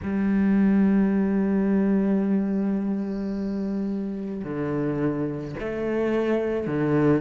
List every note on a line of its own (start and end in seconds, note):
0.03 4.44 G3
4.44 5.55 D3
5.59 6.67 A3
6.67 7.21 D3